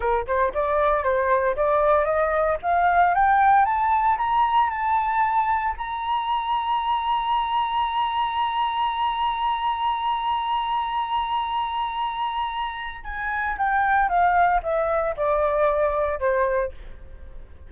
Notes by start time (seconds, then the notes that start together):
0.00 A#4
0.26 C5
0.54 D5
1.03 C5
1.56 D5
2.05 D#5
2.62 F5
3.14 G5
3.65 A5
4.17 A#5
4.70 A5
5.77 A#5
13.04 G#5
13.57 G5
14.08 F5
14.63 E5
15.16 D5
16.19 C5